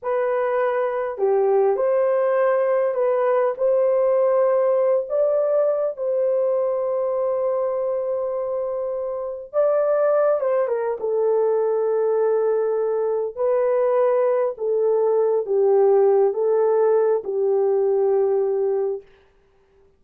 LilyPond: \new Staff \with { instrumentName = "horn" } { \time 4/4 \tempo 4 = 101 b'2 g'4 c''4~ | c''4 b'4 c''2~ | c''8 d''4. c''2~ | c''1 |
d''4. c''8 ais'8 a'4.~ | a'2~ a'8 b'4.~ | b'8 a'4. g'4. a'8~ | a'4 g'2. | }